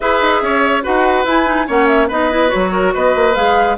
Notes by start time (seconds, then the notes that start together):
0.00 E4 G#4 B4 E5
0.21 D#4
0.41 C#4 C#5
0.82 D#4 F#4 B4 F#5
1.24 E4 G#5
1.45 D#4
1.67 A#3 C#4 C#5 F#5
1.87 E5
2.07 B3 D#4 B4 D#5
2.30 E4
2.47 F#4 C#5
2.54 F#3
2.72 A#4
2.93 B3 B4 D#5
3.15 A#3
3.35 G#3 G#4 F5